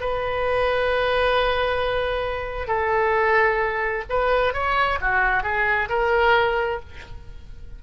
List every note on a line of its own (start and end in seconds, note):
0.00 2.67 B4
2.67 4.03 A4
4.09 4.53 B4
4.53 4.98 C#5
5.01 5.43 F#4
5.43 5.88 G#4
5.89 6.80 A#4